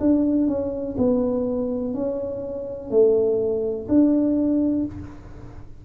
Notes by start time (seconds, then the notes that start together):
0.00 D4
0.48 C#4
0.97 B3
1.94 C#4
2.90 A3
3.88 D4